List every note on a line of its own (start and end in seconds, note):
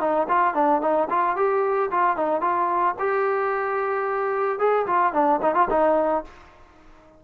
0.00 0.27 D#4
0.29 0.54 F4
0.54 0.81 D4
0.81 1.08 D#4
1.10 1.36 F4
1.36 1.90 G4
1.91 2.16 F4
2.16 2.41 D#4
2.41 2.95 F4
2.99 4.59 G4
4.59 4.86 G#4
4.86 5.13 F4
5.13 5.40 D4
5.42 5.55 D#4
5.55 5.68 F4
5.70 6.24 D#4